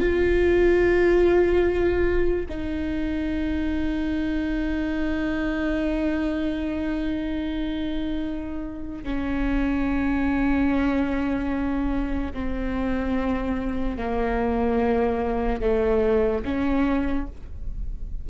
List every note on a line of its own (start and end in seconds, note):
0.00 2.47 F4
2.49 9.04 D#4
9.04 12.33 C#4
12.33 13.98 C4
13.98 15.62 A#3
15.62 16.44 A3
16.45 17.27 C#4